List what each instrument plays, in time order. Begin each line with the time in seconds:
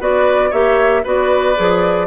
0.00 bassoon B3, clarinet F#4, oboe B4, flute D5
0.50 bassoon A#3, clarinet G4, oboe C#5, flute E5
1.04 bassoon B3, clarinet F#4, oboe B4, flute D5
1.56 bassoon F3, clarinet G#4